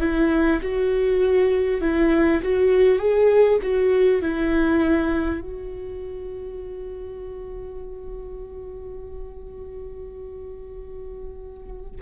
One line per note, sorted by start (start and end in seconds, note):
0.00 0.60 E4
0.62 1.81 F#4
1.81 2.41 E4
2.42 2.98 F#4
2.98 3.58 G#4
3.62 4.21 F#4
4.21 5.41 E4
5.41 12.01 F#4